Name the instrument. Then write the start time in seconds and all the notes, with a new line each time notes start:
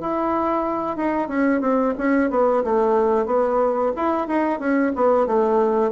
bassoon
0.00 E4
0.97 D#4
1.28 C#4
1.61 C4
1.98 C#4
2.30 B3
2.64 A3
3.26 B3
3.96 E4
4.27 D#4
4.59 C#4
4.95 B3
5.27 A3